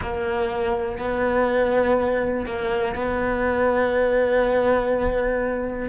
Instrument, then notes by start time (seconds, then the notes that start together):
cello
0.01 A#3
0.98 B3
2.45 A#3
2.95 B3